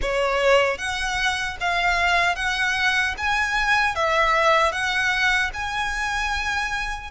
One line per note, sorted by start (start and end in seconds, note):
0.01 0.78 C#5
0.78 1.56 F#5
1.60 2.35 F5
2.35 3.14 F#5
3.17 3.95 G#5
3.95 4.72 E5
4.72 5.50 F#5
5.53 7.11 G#5